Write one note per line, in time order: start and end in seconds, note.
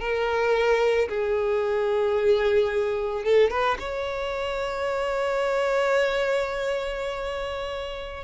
0.00 1.08 A#4
1.08 3.24 G#4
3.24 3.50 A4
3.50 3.77 B4
3.79 8.24 C#5